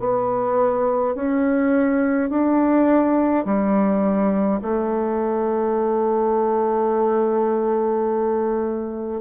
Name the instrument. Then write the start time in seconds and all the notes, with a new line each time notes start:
bassoon
0.00 B3
1.15 C#4
2.30 D4
3.46 G3
4.62 A3